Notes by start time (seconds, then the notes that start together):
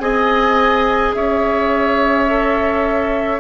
0.00 C4 G#4 D#5 G#5
1.15 C#4 C#5 E5
2.27 A4